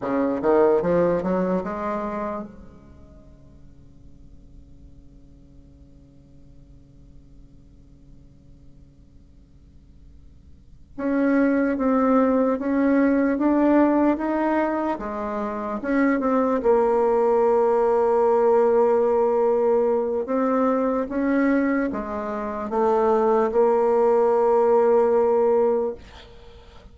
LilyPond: \new Staff \with { instrumentName = "bassoon" } { \time 4/4 \tempo 4 = 74 cis8 dis8 f8 fis8 gis4 cis4~ | cis1~ | cis1~ | cis4. cis'4 c'4 cis'8~ |
cis'8 d'4 dis'4 gis4 cis'8 | c'8 ais2.~ ais8~ | ais4 c'4 cis'4 gis4 | a4 ais2. | }